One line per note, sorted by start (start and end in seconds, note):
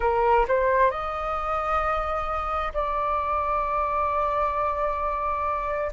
0.00 0.45 A#4
0.48 0.90 C5
0.90 2.72 D#5
2.73 5.91 D5